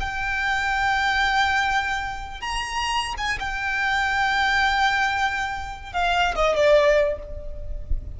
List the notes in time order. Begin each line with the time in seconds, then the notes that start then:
0.00 G5
2.41 A#5
3.17 G#5
3.40 G5
5.93 F5
6.35 D#5
6.56 D5